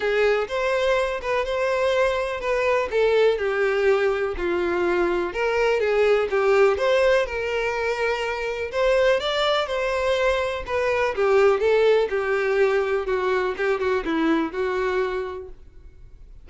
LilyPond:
\new Staff \with { instrumentName = "violin" } { \time 4/4 \tempo 4 = 124 gis'4 c''4. b'8 c''4~ | c''4 b'4 a'4 g'4~ | g'4 f'2 ais'4 | gis'4 g'4 c''4 ais'4~ |
ais'2 c''4 d''4 | c''2 b'4 g'4 | a'4 g'2 fis'4 | g'8 fis'8 e'4 fis'2 | }